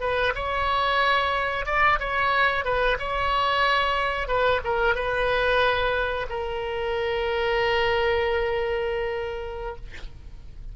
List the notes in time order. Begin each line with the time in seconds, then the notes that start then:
0.00 B4
0.35 C#5
1.65 D5
1.99 C#5
2.64 B4
2.99 C#5
4.27 B4
4.64 A#4
4.95 B4
6.29 A#4